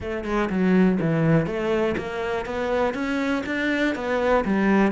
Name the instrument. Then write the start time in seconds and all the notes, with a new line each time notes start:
cello
0.00 A3
0.24 G#3
0.49 F#3
1.00 E3
1.46 A3
1.97 A#3
2.45 B3
2.94 C#4
3.46 D4
3.95 B3
4.45 G3